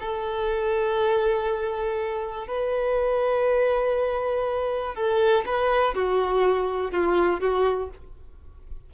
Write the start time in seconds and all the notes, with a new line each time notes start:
0.00 A4
2.47 B4
4.95 A4
5.46 B4
5.95 F#4
6.92 F4
7.40 F#4